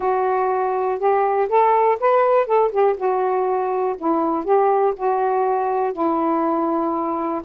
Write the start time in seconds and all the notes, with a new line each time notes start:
0.00 F#4
0.98 G4
1.48 A4
1.99 B4
2.46 A4
2.71 G4
2.96 F#4
3.98 E4
4.44 G4
4.96 F#4
5.93 E4